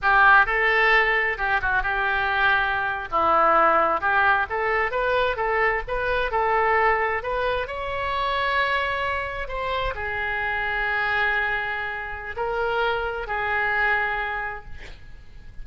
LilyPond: \new Staff \with { instrumentName = "oboe" } { \time 4/4 \tempo 4 = 131 g'4 a'2 g'8 fis'8 | g'2~ g'8. e'4~ e'16~ | e'8. g'4 a'4 b'4 a'16~ | a'8. b'4 a'2 b'16~ |
b'8. cis''2.~ cis''16~ | cis''8. c''4 gis'2~ gis'16~ | gis'2. ais'4~ | ais'4 gis'2. | }